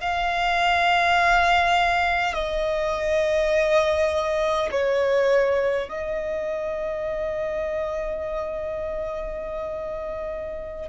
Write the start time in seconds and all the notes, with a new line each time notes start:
0.00 F5
2.34 D#5
4.71 C#5
5.88 D#5